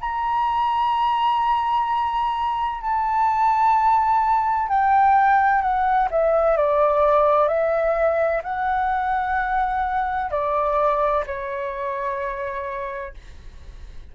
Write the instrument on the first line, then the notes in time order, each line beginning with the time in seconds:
flute
0.00 A#5
2.81 A5
4.68 G5
5.61 F#5
6.10 E5
6.56 D5
7.48 E5
8.43 F#5
10.30 D5
11.26 C#5